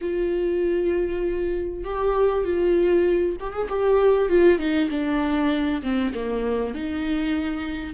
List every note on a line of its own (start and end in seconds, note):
0.01 1.84 F4
1.84 2.44 G4
2.44 3.36 F4
3.40 3.52 G4
3.52 3.68 G#4
3.69 4.28 G4
4.28 4.58 F4
4.58 4.89 D#4
4.90 5.82 D4
5.82 6.13 C4
6.14 6.74 A#3
6.74 7.94 D#4